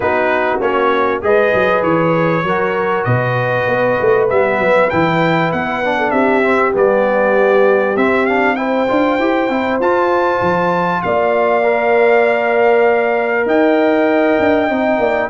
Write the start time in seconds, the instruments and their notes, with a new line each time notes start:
0.00 tuba B3, trombone D#4, horn F#4, trumpet B4
0.60 tuba A#3, trombone C#4, trumpet C#5
1.21 tuba G#3, trombone G#4, horn B4, trumpet D#5
1.54 tuba F#3
1.83 tuba E3, trumpet C#5
2.43 tuba F#3, trombone F#4, horn A#4
3.04 tuba B2, horn B4, trumpet D#5
3.67 tuba B3
4.00 tuba A3
4.29 tuba G3, trombone B3, trumpet E5
4.58 tuba F#3
4.90 tuba E3, trombone E4, trumpet G5
5.52 tuba B3, trumpet F#5
5.84 trombone D4
5.97 horn A4
6.10 tuba C4, horn G4, trumpet E5
6.43 trombone C4
6.72 tuba G3, trombone B3, trumpet D5
7.96 tuba C4, trombone C4, trumpet E5
8.26 trombone D4, trumpet F5
8.55 trombone E4, horn C5, trumpet G5
8.88 tuba D4, trombone F4
9.18 tuba E4, trombone G4
9.49 tuba C4, trombone E4
9.80 tuba F4, trombone F4, trumpet A5
10.41 tuba F3
11.02 tuba A#3, horn D5, trumpet F5
11.63 trombone A#4
13.45 tuba D#4, horn D#5, trumpet G5
14.39 tuba D4
14.69 tuba C4, trombone D#4
14.98 tuba A#3, horn D5